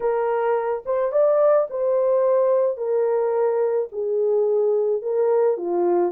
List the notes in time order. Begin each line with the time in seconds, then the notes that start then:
0.00 A#4
0.85 C5
1.12 D5
1.70 C5
2.77 A#4
3.92 G#4
5.02 A#4
5.57 F4